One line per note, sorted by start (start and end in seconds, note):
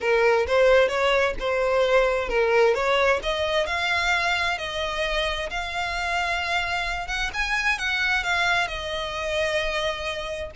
0.00 0.46 A#4
0.46 0.88 C5
0.88 1.34 C#5
1.39 2.28 C5
2.28 2.74 A#4
2.74 3.20 C#5
3.22 3.66 D#5
3.66 4.58 F5
4.58 5.49 D#5
5.50 7.07 F5
7.07 7.30 F#5
7.33 7.78 G#5
7.78 8.23 F#5
8.23 8.67 F5
8.67 10.51 D#5